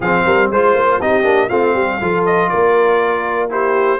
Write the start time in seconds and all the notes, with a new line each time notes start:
0.00 F3 C4 G#4 F5
0.25 G3 A#4
0.50 G#3 F4 C5
0.75 A#3
1.00 C4 D#4 G4 D#5
1.23 A#3 D4
1.48 A3 C4 F4 F5
1.73 G3 G4
2.00 F3 F4 A4
2.25 D#5
2.49 A#3 A#4 D5
3.49 E4 G4 C5